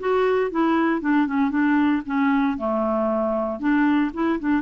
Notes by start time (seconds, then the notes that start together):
0.00 F#4
0.51 E4
1.01 D4
1.27 C#4
1.51 D4
2.06 C#4
2.58 A3
3.60 D4
4.14 E4
4.40 D4